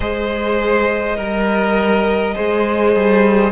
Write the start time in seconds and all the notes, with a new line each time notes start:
0.00 G#3 G#4 C5 D#5
1.16 G3 A#4
2.34 G#3 G#4 C5
2.95 G3